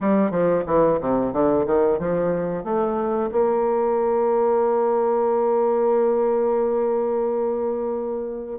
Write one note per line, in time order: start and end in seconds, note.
0.01 0.30 G3
0.30 0.63 F3
0.66 0.99 E3
1.00 1.32 C3
1.32 1.65 D3
1.66 1.98 D#3
1.98 2.64 F3
2.64 3.30 A3
3.31 8.59 A#3